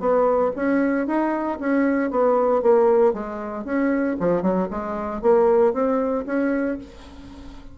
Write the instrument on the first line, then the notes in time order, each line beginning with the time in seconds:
bassoon
0.00 B3
0.56 C#4
1.07 D#4
1.60 C#4
2.11 B3
2.62 A#3
3.13 G#3
3.65 C#4
4.20 F3
4.42 F#3
4.71 G#3
5.22 A#3
5.73 C4
6.26 C#4